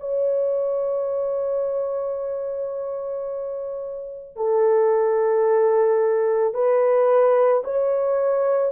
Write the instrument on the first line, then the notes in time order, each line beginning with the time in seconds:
horn
0.00 C#5
4.36 A4
6.54 B4
7.64 C#5